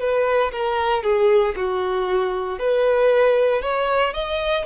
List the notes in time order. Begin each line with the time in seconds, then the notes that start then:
0.00 B4
0.52 A#4
1.03 G#4
1.56 F#4
2.59 B4
3.62 C#5
4.14 D#5